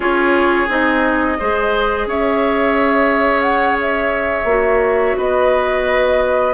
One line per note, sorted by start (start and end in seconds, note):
0.00 0.67 C#4
0.00 0.67 F4
0.00 1.38 G#4
0.00 0.68 C#5
0.68 1.37 C4
0.68 1.37 D#4
0.68 2.08 D#5
1.39 2.05 G#3
1.39 4.48 G#4
1.39 2.07 C5
2.05 4.44 C#4
2.05 5.17 C#5
2.05 3.41 E5
3.41 3.76 F#5
3.80 5.18 E5
4.44 5.13 A#3
4.44 6.53 F#4
5.17 6.53 B3
5.17 6.53 B4
5.17 6.53 D#5